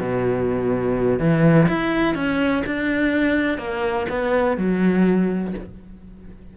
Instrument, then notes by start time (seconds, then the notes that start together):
cello
0.00 B2
1.20 E3
1.69 E4
2.15 C#4
2.67 D4
3.58 A#3
4.10 B3
4.57 F#3